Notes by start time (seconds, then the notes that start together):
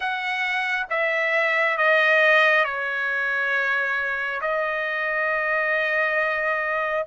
0.00 F#5
0.89 E5
1.77 D#5
2.64 C#5
4.41 D#5